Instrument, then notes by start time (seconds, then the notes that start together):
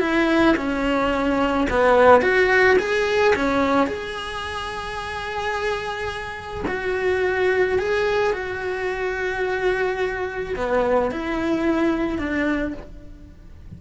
cello
0.00 E4
0.56 C#4
1.70 B3
2.21 F#4
2.79 G#4
3.35 C#4
3.87 G#4
6.67 F#4
7.79 G#4
8.33 F#4
10.56 B3
11.11 E4
12.18 D4